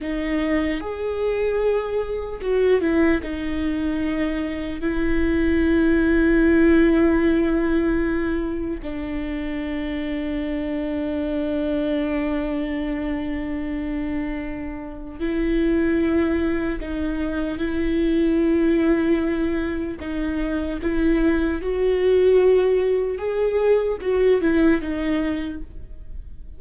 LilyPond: \new Staff \with { instrumentName = "viola" } { \time 4/4 \tempo 4 = 75 dis'4 gis'2 fis'8 e'8 | dis'2 e'2~ | e'2. d'4~ | d'1~ |
d'2. e'4~ | e'4 dis'4 e'2~ | e'4 dis'4 e'4 fis'4~ | fis'4 gis'4 fis'8 e'8 dis'4 | }